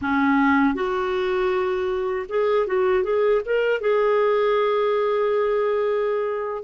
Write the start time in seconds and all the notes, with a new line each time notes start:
0.01 C#4
0.74 F#4
2.29 G#4
2.67 F#4
3.03 G#4
3.45 A#4
3.80 G#4